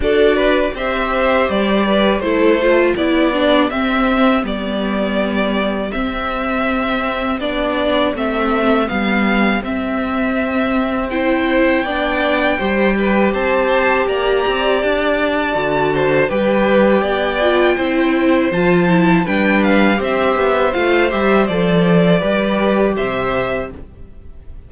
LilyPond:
<<
  \new Staff \with { instrumentName = "violin" } { \time 4/4 \tempo 4 = 81 d''4 e''4 d''4 c''4 | d''4 e''4 d''2 | e''2 d''4 e''4 | f''4 e''2 g''4~ |
g''2 a''4 ais''4 | a''2 g''2~ | g''4 a''4 g''8 f''8 e''4 | f''8 e''8 d''2 e''4 | }
  \new Staff \with { instrumentName = "violin" } { \time 4/4 a'8 b'8 c''4. b'8 a'4 | g'1~ | g'1~ | g'2. c''4 |
d''4 c''8 b'8 c''4 d''4~ | d''4. c''8 b'4 d''4 | c''2 b'4 c''4~ | c''2 b'4 c''4 | }
  \new Staff \with { instrumentName = "viola" } { \time 4/4 fis'4 g'2 e'8 f'8 | e'8 d'8 c'4 b2 | c'2 d'4 c'4 | b4 c'2 e'4 |
d'4 g'2.~ | g'4 fis'4 g'4. f'8 | e'4 f'8 e'8 d'4 g'4 | f'8 g'8 a'4 g'2 | }
  \new Staff \with { instrumentName = "cello" } { \time 4/4 d'4 c'4 g4 a4 | b4 c'4 g2 | c'2 b4 a4 | g4 c'2. |
b4 g4 c'4 ais8 c'8 | d'4 d4 g4 b4 | c'4 f4 g4 c'8 b8 | a8 g8 f4 g4 c4 | }
>>